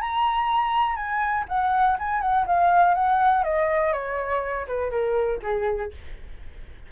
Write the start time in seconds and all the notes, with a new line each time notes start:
0.00 A#5
0.96 G#5
1.48 F#5
1.99 G#5
2.21 F#5
2.46 F5
2.94 F#5
3.43 D#5
3.92 C#5
4.67 B4
4.90 A#4
5.42 G#4